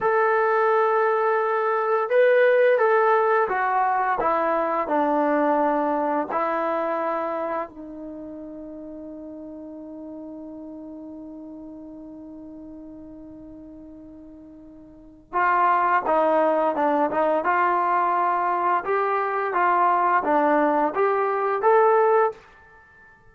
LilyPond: \new Staff \with { instrumentName = "trombone" } { \time 4/4 \tempo 4 = 86 a'2. b'4 | a'4 fis'4 e'4 d'4~ | d'4 e'2 dis'4~ | dis'1~ |
dis'1~ | dis'2 f'4 dis'4 | d'8 dis'8 f'2 g'4 | f'4 d'4 g'4 a'4 | }